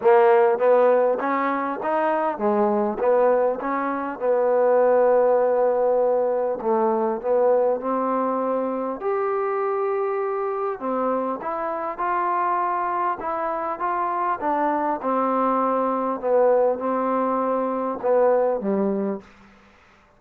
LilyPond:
\new Staff \with { instrumentName = "trombone" } { \time 4/4 \tempo 4 = 100 ais4 b4 cis'4 dis'4 | gis4 b4 cis'4 b4~ | b2. a4 | b4 c'2 g'4~ |
g'2 c'4 e'4 | f'2 e'4 f'4 | d'4 c'2 b4 | c'2 b4 g4 | }